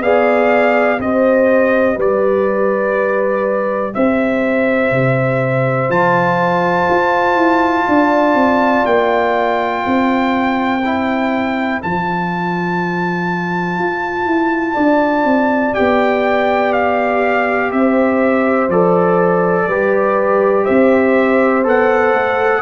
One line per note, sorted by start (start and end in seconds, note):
0.00 0.98 B3
0.00 0.99 G#4
0.00 1.01 D5
0.00 1.01 F5
0.99 1.97 C4
0.99 5.89 G4
0.99 1.95 C5
0.99 1.99 D#5
1.95 3.94 G3
1.95 3.92 B4
1.95 3.94 D5
3.94 4.91 C4
3.94 7.88 C5
3.94 5.91 E5
4.91 5.90 C3
5.89 6.88 F3
5.89 10.81 F4
5.89 8.86 A5
6.90 7.35 F4
7.35 7.84 E4
7.88 8.34 D4
7.88 9.85 D5
8.34 8.84 C4
8.86 9.84 A#3
8.86 11.81 G5
9.85 11.83 C4
9.85 14.74 C5
10.85 11.82 E4
11.82 13.78 F3
11.82 15.74 F4
11.82 15.75 A5
13.78 14.26 F4
14.26 14.75 E4
14.74 15.25 D4
14.74 17.69 D5
15.25 15.74 C4
15.74 17.72 B3
15.74 18.69 G4
15.74 16.73 G5
16.73 17.71 F5
17.72 18.69 C4
17.72 19.67 C5
17.72 18.70 E5
18.69 19.67 F3
18.69 19.70 A4
18.69 20.65 D5
19.67 20.66 G3
19.67 21.64 G4
19.67 20.64 B4
20.64 21.65 C4
20.64 22.61 C5
20.64 21.63 E5
21.64 22.14 B3
21.64 22.62 A4
21.64 22.62 F#5
22.14 22.62 A3